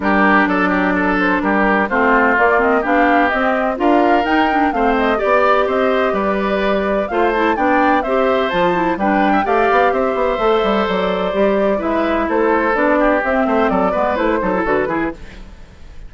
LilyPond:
<<
  \new Staff \with { instrumentName = "flute" } { \time 4/4 \tempo 4 = 127 ais'4 d''4. c''8 ais'4 | c''4 d''8 dis''8 f''4 dis''4 | f''4 g''4 f''8 dis''8 d''4 | dis''4 d''2 f''8 a''8 |
g''4 e''4 a''4 g''4 | f''4 e''2 d''4~ | d''4 e''4 c''4 d''4 | e''4 d''4 c''4 b'4 | }
  \new Staff \with { instrumentName = "oboe" } { \time 4/4 g'4 a'8 g'8 a'4 g'4 | f'2 g'2 | ais'2 c''4 d''4 | c''4 b'2 c''4 |
d''4 c''2 b'8. e''16 | d''4 c''2.~ | c''4 b'4 a'4. g'8~ | g'8 c''8 a'8 b'4 a'4 gis'8 | }
  \new Staff \with { instrumentName = "clarinet" } { \time 4/4 d'1 | c'4 ais8 c'8 d'4 c'4 | f'4 dis'8 d'8 c'4 g'4~ | g'2. f'8 e'8 |
d'4 g'4 f'8 e'8 d'4 | g'2 a'2 | g'4 e'2 d'4 | c'4. b8 e'8 dis'16 e'16 fis'8 e'8 | }
  \new Staff \with { instrumentName = "bassoon" } { \time 4/4 g4 fis2 g4 | a4 ais4 b4 c'4 | d'4 dis'4 a4 b4 | c'4 g2 a4 |
b4 c'4 f4 g4 | a8 b8 c'8 b8 a8 g8 fis4 | g4 gis4 a4 b4 | c'8 a8 fis8 gis8 a8 fis8 d8 e8 | }
>>